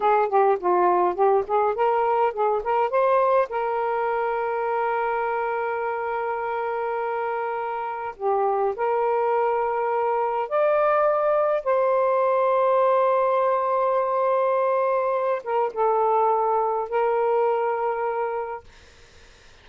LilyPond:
\new Staff \with { instrumentName = "saxophone" } { \time 4/4 \tempo 4 = 103 gis'8 g'8 f'4 g'8 gis'8 ais'4 | gis'8 ais'8 c''4 ais'2~ | ais'1~ | ais'2 g'4 ais'4~ |
ais'2 d''2 | c''1~ | c''2~ c''8 ais'8 a'4~ | a'4 ais'2. | }